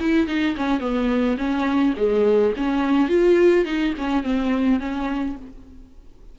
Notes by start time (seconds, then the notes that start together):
0.00 E4
0.28 D#4
0.57 C#4
0.80 B3
1.38 C#4
1.97 G#3
2.57 C#4
3.09 F4
3.66 D#4
3.98 C#4
4.23 C4
4.80 C#4